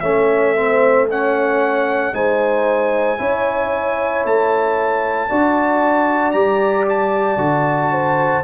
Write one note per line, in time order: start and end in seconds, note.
0.00 2.12 A3
0.00 0.55 C#4
0.00 0.54 C#5
0.00 1.05 E5
0.55 1.08 C4
0.55 1.08 C5
1.09 2.13 C#4
1.09 2.14 C#5
1.09 2.14 F#5
2.13 3.19 G#3
2.13 3.18 D#4
2.13 3.18 C5
2.13 4.25 G#5
3.18 4.24 C#4
3.18 5.29 E4
3.18 5.29 C#5
4.24 5.30 A3
4.24 6.32 A5
5.29 6.34 D4
5.29 6.33 F#4
5.29 7.92 D5
6.32 7.37 G3
6.32 7.37 G4
6.32 6.84 A#5
6.89 8.44 A5
7.37 8.42 D3
7.37 8.43 F#4
7.92 8.44 C5